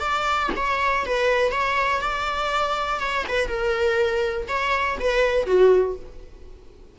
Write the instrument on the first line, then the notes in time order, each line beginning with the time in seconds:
viola
0.00 D5
0.57 C#5
1.06 B4
1.52 C#5
2.02 D5
3.00 C#5
3.28 B4
3.48 A#4
4.49 C#5
5.00 B4
5.47 F#4